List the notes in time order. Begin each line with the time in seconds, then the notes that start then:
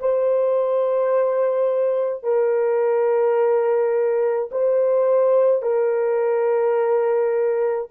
0.00 C5
2.24 A#4
4.52 C5
5.62 A#4